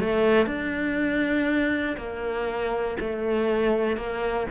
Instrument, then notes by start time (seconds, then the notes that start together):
cello
0.00 A3
0.46 D4
1.97 A#3
3.00 A3
3.97 A#3